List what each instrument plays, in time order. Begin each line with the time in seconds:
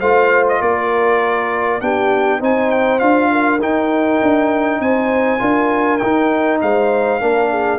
0.00 tuba A3, trombone F4, horn C5, trumpet F5
0.49 trumpet D#5
0.62 tuba A#3, horn A#4, trumpet D5
1.81 tuba B3, trombone D4, horn G4, trumpet G5
2.40 tuba C4, trombone D#4, horn C5, trumpet G#5
2.71 trumpet G5
3.00 tuba D4, trombone F4, trumpet F5
3.32 horn A#4
3.61 tuba D#4, trombone D#4, trumpet G5
4.23 tuba D4
4.81 tuba C4, horn C5, trumpet G#5
5.39 tuba D4, trombone F4, horn A#4
5.98 tuba D#4, trombone D#4, trumpet G5
6.62 tuba G#3, horn C5, trumpet F5
7.21 tuba A#3, trombone D4, horn A#4
7.51 horn G#4